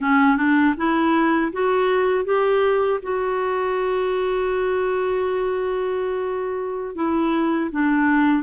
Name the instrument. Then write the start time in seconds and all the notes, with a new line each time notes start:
clarinet
0.00 C#4
0.36 D4
0.77 E4
1.52 F#4
2.25 G4
3.02 F#4
6.95 E4
7.71 D4